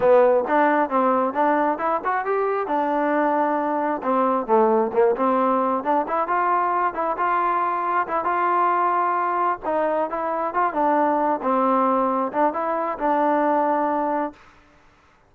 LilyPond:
\new Staff \with { instrumentName = "trombone" } { \time 4/4 \tempo 4 = 134 b4 d'4 c'4 d'4 | e'8 fis'8 g'4 d'2~ | d'4 c'4 a4 ais8 c'8~ | c'4 d'8 e'8 f'4. e'8 |
f'2 e'8 f'4.~ | f'4. dis'4 e'4 f'8 | d'4. c'2 d'8 | e'4 d'2. | }